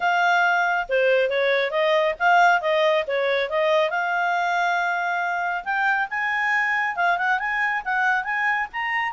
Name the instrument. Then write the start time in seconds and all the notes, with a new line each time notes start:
clarinet
0.00 F5
0.88 C5
1.29 C#5
1.71 D#5
2.19 F5
2.61 D#5
3.07 C#5
3.49 D#5
3.90 F5
5.64 G5
6.10 G#5
6.95 F5
7.17 F#5
7.39 G#5
7.84 F#5
8.24 G#5
8.73 A#5